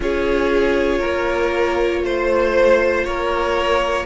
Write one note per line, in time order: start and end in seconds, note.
0.00 1.01 C#4
0.00 4.06 F4
0.00 0.98 G#4
0.00 2.05 C#5
0.98 2.03 A#3
0.98 2.00 A#4
2.03 3.04 A3
2.03 3.06 C5
2.03 3.04 C5
3.04 4.06 A#3
3.04 4.06 A#4
3.04 4.06 C#5